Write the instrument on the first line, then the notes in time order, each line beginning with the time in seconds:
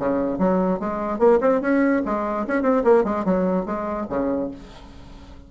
bassoon
0.00 C#3
0.39 F#3
0.80 G#3
1.20 A#3
1.41 C4
1.62 C#4
2.06 G#3
2.48 C#4
2.63 C4
2.85 A#3
3.05 G#3
3.26 F#3
3.66 G#3
4.10 C#3